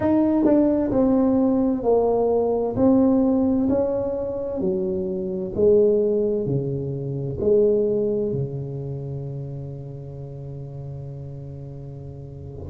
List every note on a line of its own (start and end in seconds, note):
0.00 0.44 D#4
0.44 0.90 D4
0.91 1.83 C4
1.83 2.75 A#3
2.76 3.68 C4
3.69 4.60 C#4
4.60 5.52 F#3
5.55 6.46 G#3
6.46 7.38 C#3
7.40 8.32 G#3
8.32 12.69 C#3